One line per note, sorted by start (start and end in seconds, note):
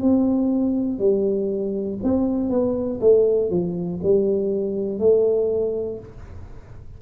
0.00 0.99 C4
0.99 1.99 G3
2.03 2.50 C4
2.50 3.00 B3
3.00 3.50 A3
3.50 4.00 F3
4.03 4.99 G3
4.99 5.99 A3